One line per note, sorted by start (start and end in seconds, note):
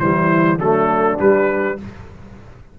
0.00 0.60 E3
0.00 0.59 G3
0.00 0.60 E4
0.00 0.59 C5
0.60 1.19 F#3
0.60 1.19 A3
0.60 1.78 D4
0.60 1.19 A4
1.19 1.78 G3
1.19 1.79 G3
1.19 1.79 B4